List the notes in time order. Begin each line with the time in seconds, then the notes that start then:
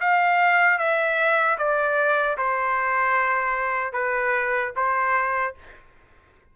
0.00 F5
0.78 E5
1.58 D5
2.37 C5
3.93 B4
4.76 C5